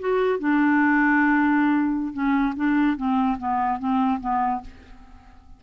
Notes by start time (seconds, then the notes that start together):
0.00 F#4
0.40 D4
2.13 C#4
2.56 D4
2.97 C4
3.39 B3
3.79 C4
4.21 B3